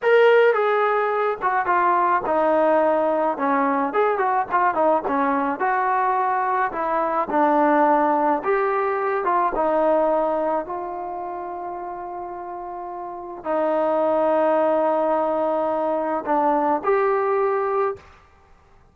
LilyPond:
\new Staff \with { instrumentName = "trombone" } { \time 4/4 \tempo 4 = 107 ais'4 gis'4. fis'8 f'4 | dis'2 cis'4 gis'8 fis'8 | f'8 dis'8 cis'4 fis'2 | e'4 d'2 g'4~ |
g'8 f'8 dis'2 f'4~ | f'1 | dis'1~ | dis'4 d'4 g'2 | }